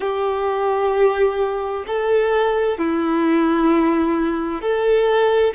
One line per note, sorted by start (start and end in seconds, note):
0.00 1.84 G4
1.86 2.78 A4
2.78 4.62 E4
4.62 5.54 A4